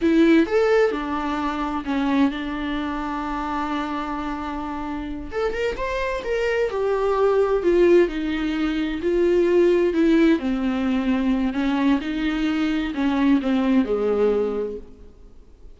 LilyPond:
\new Staff \with { instrumentName = "viola" } { \time 4/4 \tempo 4 = 130 e'4 a'4 d'2 | cis'4 d'2.~ | d'2.~ d'8 a'8 | ais'8 c''4 ais'4 g'4.~ |
g'8 f'4 dis'2 f'8~ | f'4. e'4 c'4.~ | c'4 cis'4 dis'2 | cis'4 c'4 gis2 | }